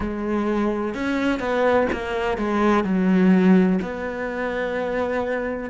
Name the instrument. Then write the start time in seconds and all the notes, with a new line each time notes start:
cello
0.00 G#3
0.94 C#4
1.39 B3
1.92 A#3
2.37 G#3
2.84 F#3
3.81 B3